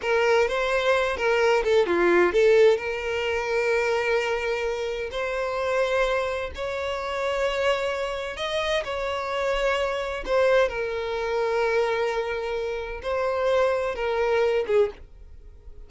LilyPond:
\new Staff \with { instrumentName = "violin" } { \time 4/4 \tempo 4 = 129 ais'4 c''4. ais'4 a'8 | f'4 a'4 ais'2~ | ais'2. c''4~ | c''2 cis''2~ |
cis''2 dis''4 cis''4~ | cis''2 c''4 ais'4~ | ais'1 | c''2 ais'4. gis'8 | }